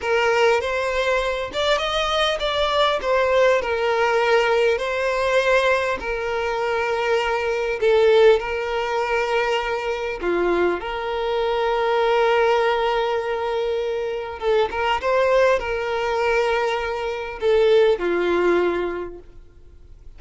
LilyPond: \new Staff \with { instrumentName = "violin" } { \time 4/4 \tempo 4 = 100 ais'4 c''4. d''8 dis''4 | d''4 c''4 ais'2 | c''2 ais'2~ | ais'4 a'4 ais'2~ |
ais'4 f'4 ais'2~ | ais'1 | a'8 ais'8 c''4 ais'2~ | ais'4 a'4 f'2 | }